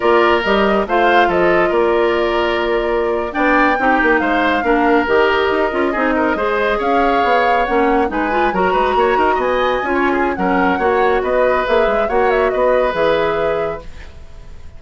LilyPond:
<<
  \new Staff \with { instrumentName = "flute" } { \time 4/4 \tempo 4 = 139 d''4 dis''4 f''4 dis''4 | d''2.~ d''8. g''16~ | g''4.~ g''16 f''2 dis''16~ | dis''2.~ dis''8. f''16~ |
f''4.~ f''16 fis''4 gis''4 ais''16~ | ais''4.~ ais''16 gis''2~ gis''16 | fis''2 dis''4 e''4 | fis''8 e''8 dis''4 e''2 | }
  \new Staff \with { instrumentName = "oboe" } { \time 4/4 ais'2 c''4 a'4 | ais'2.~ ais'8. d''16~ | d''8. g'4 c''4 ais'4~ ais'16~ | ais'4.~ ais'16 gis'8 ais'8 c''4 cis''16~ |
cis''2~ cis''8. b'4 ais'16~ | ais'16 b'8 cis''8 ais'8 dis''4~ dis''16 cis''8 gis'8 | ais'4 cis''4 b'2 | cis''4 b'2. | }
  \new Staff \with { instrumentName = "clarinet" } { \time 4/4 f'4 g'4 f'2~ | f'2.~ f'8. d'16~ | d'8. dis'2 d'4 g'16~ | g'4~ g'16 f'8 dis'4 gis'4~ gis'16~ |
gis'4.~ gis'16 cis'4 dis'8 f'8 fis'16~ | fis'2~ fis'8. f'4~ f'16 | cis'4 fis'2 gis'4 | fis'2 gis'2 | }
  \new Staff \with { instrumentName = "bassoon" } { \time 4/4 ais4 g4 a4 f4 | ais2.~ ais8. b16~ | b8. c'8 ais8 gis4 ais4 dis16~ | dis8. dis'8 cis'8 c'4 gis4 cis'16~ |
cis'8. b4 ais4 gis4 fis16~ | fis16 gis8 ais8 dis'8 b4 cis'4~ cis'16 | fis4 ais4 b4 ais8 gis8 | ais4 b4 e2 | }
>>